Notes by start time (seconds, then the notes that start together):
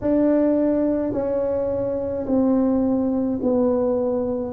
0.01 D4
1.12 C#4
2.26 C4
3.42 B3